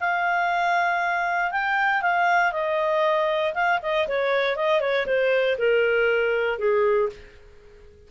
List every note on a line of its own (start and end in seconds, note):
0.00 1.51 F5
1.51 2.02 G5
2.02 2.52 F5
2.52 3.54 D#5
3.54 3.80 F5
3.82 4.07 D#5
4.08 4.56 C#5
4.56 4.81 D#5
4.81 5.06 C#5
5.06 5.57 C5
5.58 6.58 A#4
6.58 7.09 G#4